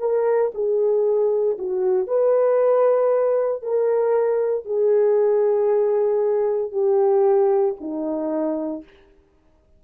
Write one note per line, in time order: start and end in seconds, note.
0.00 0.52 A#4
0.55 1.58 G#4
1.59 2.07 F#4
2.07 3.63 B4
3.63 4.66 A#4
4.66 6.72 G#4
6.72 7.75 G4
7.81 8.84 D#4